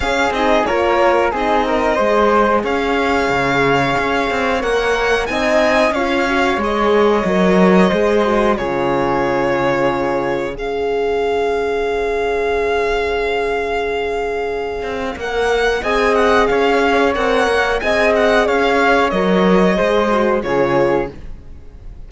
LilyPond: <<
  \new Staff \with { instrumentName = "violin" } { \time 4/4 \tempo 4 = 91 f''8 dis''8 cis''4 dis''2 | f''2. fis''4 | gis''4 f''4 dis''2~ | dis''4 cis''2. |
f''1~ | f''2. fis''4 | gis''8 fis''8 f''4 fis''4 gis''8 fis''8 | f''4 dis''2 cis''4 | }
  \new Staff \with { instrumentName = "flute" } { \time 4/4 gis'4 ais'4 gis'8 ais'8 c''4 | cis''1 | dis''4 cis''2. | c''4 gis'2. |
cis''1~ | cis''1 | dis''4 cis''2 dis''4 | cis''2 c''4 gis'4 | }
  \new Staff \with { instrumentName = "horn" } { \time 4/4 cis'8 dis'8 f'4 dis'4 gis'4~ | gis'2. ais'4 | dis'4 f'8 fis'8 gis'4 ais'4 | gis'8 fis'8 f'2. |
gis'1~ | gis'2. ais'4 | gis'2 ais'4 gis'4~ | gis'4 ais'4 gis'8 fis'8 f'4 | }
  \new Staff \with { instrumentName = "cello" } { \time 4/4 cis'8 c'8 ais4 c'4 gis4 | cis'4 cis4 cis'8 c'8 ais4 | c'4 cis'4 gis4 fis4 | gis4 cis2. |
cis'1~ | cis'2~ cis'8 c'8 ais4 | c'4 cis'4 c'8 ais8 c'4 | cis'4 fis4 gis4 cis4 | }
>>